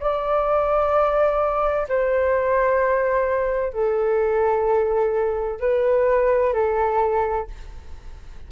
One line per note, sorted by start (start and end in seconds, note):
0.00 1.87 D5
1.89 3.73 C5
3.73 5.60 A4
5.60 6.54 B4
6.54 7.47 A4